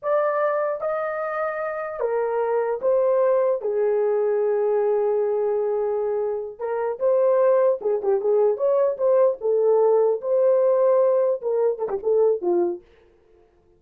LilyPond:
\new Staff \with { instrumentName = "horn" } { \time 4/4 \tempo 4 = 150 d''2 dis''2~ | dis''4 ais'2 c''4~ | c''4 gis'2.~ | gis'1~ |
gis'8 ais'4 c''2 gis'8 | g'8 gis'4 cis''4 c''4 a'8~ | a'4. c''2~ c''8~ | c''8 ais'4 a'16 g'16 a'4 f'4 | }